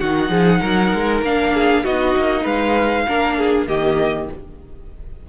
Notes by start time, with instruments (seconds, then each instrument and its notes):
0.00 cello D#3, viola D#4, violin F#4 F#5
0.29 cello F3, violin G#4
0.60 cello F#3, violin A#4
0.93 cello G#3
1.22 cello A#3, viola D4, violin F5
1.54 violin G#4
1.84 cello B3, viola D#4, violin F#4 D#5
2.16 cello A#3
2.42 cello G#3, violin B4 F5
3.08 cello A#3, viola D4, violin A#4
3.38 violin G#4
3.67 cello D#3, viola A#3, violin G4 D#5